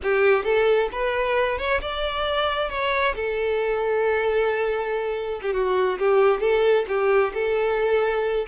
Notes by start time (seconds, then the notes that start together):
0.02 G4
0.44 A4
0.92 B4
1.58 C#5
1.81 D5
2.69 C#5
3.15 A4
5.42 G4
5.53 F#4
5.99 G4
6.40 A4
6.88 G4
7.33 A4